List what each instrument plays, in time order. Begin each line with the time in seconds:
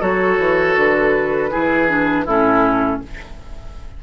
0.00 bassoon F#3, clarinet F#4, oboe A4, flute C#5
0.38 bassoon E3
0.76 bassoon D3, flute B4
1.51 bassoon E3, clarinet E4, oboe G#4
1.88 clarinet D4
2.25 bassoon A2, clarinet C#4, oboe E4, flute A4